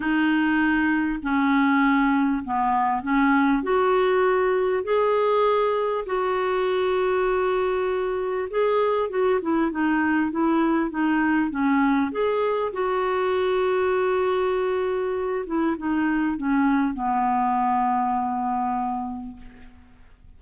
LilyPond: \new Staff \with { instrumentName = "clarinet" } { \time 4/4 \tempo 4 = 99 dis'2 cis'2 | b4 cis'4 fis'2 | gis'2 fis'2~ | fis'2 gis'4 fis'8 e'8 |
dis'4 e'4 dis'4 cis'4 | gis'4 fis'2.~ | fis'4. e'8 dis'4 cis'4 | b1 | }